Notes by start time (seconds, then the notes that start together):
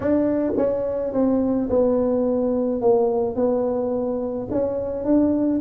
0.00 D4
0.56 C#4
1.12 C4
1.69 B3
2.81 A#3
3.35 B3
4.51 C#4
5.04 D4